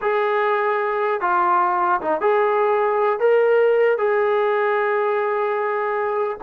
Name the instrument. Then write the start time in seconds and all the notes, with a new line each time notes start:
trombone
0.01 G#4
1.20 F4
2.01 D#4
2.20 G#4
3.19 A#4
3.98 G#4